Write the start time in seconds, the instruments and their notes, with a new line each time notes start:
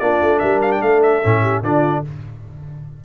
0.00 tuba A#3, trombone D4, horn F4, trumpet D5
0.22 tuba A3
0.39 tuba G3, horn A#4, trumpet E5
0.62 trumpet F5
0.72 trumpet G5
0.81 tuba A3, horn A4, trumpet F5
1.03 trumpet E5
1.23 tuba A2, trombone C#4
1.42 horn G4
1.63 tuba D3, trombone D4, horn F4, trumpet D5